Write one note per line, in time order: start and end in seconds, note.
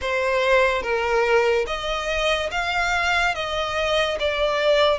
0.01 0.82 C5
0.82 1.65 A#4
1.66 2.50 D#5
2.51 3.34 F5
3.34 4.17 D#5
4.19 4.99 D5